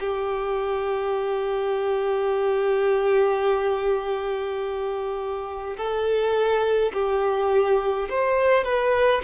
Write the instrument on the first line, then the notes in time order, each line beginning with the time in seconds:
violin
0.00 G4
5.77 A4
6.93 G4
8.10 C5
8.64 B4